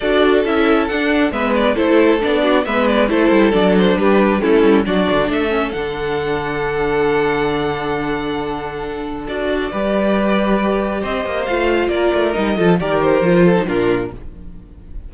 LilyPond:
<<
  \new Staff \with { instrumentName = "violin" } { \time 4/4 \tempo 4 = 136 d''4 e''4 fis''4 e''8 d''8 | c''4 d''4 e''8 d''8 c''4 | d''8 c''8 b'4 a'4 d''4 | e''4 fis''2.~ |
fis''1~ | fis''4 d''2.~ | d''4 dis''4 f''4 d''4 | dis''4 d''8 c''4. ais'4 | }
  \new Staff \with { instrumentName = "violin" } { \time 4/4 a'2. b'4 | a'4. fis'8 b'4 a'4~ | a'4 g'4 e'4 fis'4 | a'1~ |
a'1~ | a'2 b'2~ | b'4 c''2 ais'4~ | ais'8 a'8 ais'4. a'8 f'4 | }
  \new Staff \with { instrumentName = "viola" } { \time 4/4 fis'4 e'4 d'4 b4 | e'4 d'4 b4 e'4 | d'2 cis'4 d'4~ | d'8 cis'8 d'2.~ |
d'1~ | d'4 fis'4 g'2~ | g'2 f'2 | dis'8 f'8 g'4 f'8. dis'16 d'4 | }
  \new Staff \with { instrumentName = "cello" } { \time 4/4 d'4 cis'4 d'4 gis4 | a4 b4 gis4 a8 g8 | fis4 g4 a8 g8 fis8 d8 | a4 d2.~ |
d1~ | d4 d'4 g2~ | g4 c'8 ais8 a4 ais8 a8 | g8 f8 dis4 f4 ais,4 | }
>>